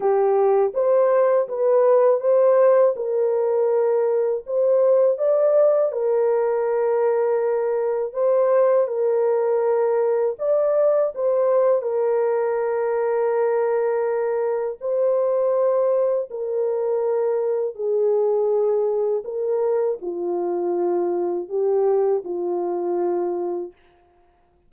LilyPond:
\new Staff \with { instrumentName = "horn" } { \time 4/4 \tempo 4 = 81 g'4 c''4 b'4 c''4 | ais'2 c''4 d''4 | ais'2. c''4 | ais'2 d''4 c''4 |
ais'1 | c''2 ais'2 | gis'2 ais'4 f'4~ | f'4 g'4 f'2 | }